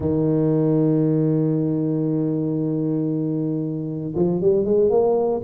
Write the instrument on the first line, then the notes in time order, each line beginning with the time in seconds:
tuba
0.00 D#3
4.15 F3
4.40 G3
4.64 G#3
4.89 A#3